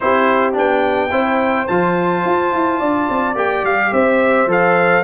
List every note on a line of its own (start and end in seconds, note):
0.00 0.57 C4
0.00 0.53 E4
0.00 1.11 G4
0.00 0.54 C5
0.53 1.11 B3
0.53 1.09 D4
0.53 1.67 G5
1.11 1.68 C4
1.11 1.67 E4
1.11 2.79 C5
1.67 2.25 F3
1.67 3.34 F4
1.67 3.36 A5
2.25 2.52 F4
2.52 2.80 E4
2.79 3.08 D4
2.79 3.91 D5
3.09 3.35 C4
3.34 3.63 A#3
3.34 4.47 G4
3.34 3.65 G5
3.63 3.91 G3
3.63 3.93 F5
3.92 4.46 C4
3.92 5.04 C5
3.92 4.49 E5
4.46 5.02 F3
4.46 5.03 A4
4.46 5.04 F5